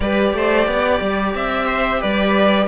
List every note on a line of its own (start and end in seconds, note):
0.00 0.33 G3
0.00 2.67 G4
0.00 0.35 B4
0.00 1.33 D5
0.33 0.66 A3
0.33 0.68 C5
0.66 1.00 B3
0.66 1.66 D5
1.00 1.34 G3
1.34 2.02 C4
1.34 2.01 E5
1.66 2.00 C5
2.00 2.67 G3
2.00 2.67 B4
2.00 2.67 D5